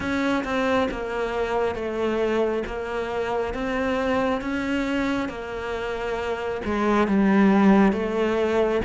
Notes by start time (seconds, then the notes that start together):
0.00 C#4
0.44 C4
0.91 A#3
1.74 A3
2.66 A#3
3.54 C4
4.41 C#4
5.29 A#3
6.64 G#3
7.07 G3
7.92 A3